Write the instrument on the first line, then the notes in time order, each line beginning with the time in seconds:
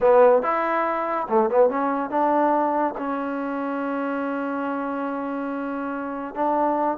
trombone
0.00 B3
0.42 E4
1.28 A3
1.50 B3
1.69 C#4
2.10 D4
2.97 C#4
6.34 D4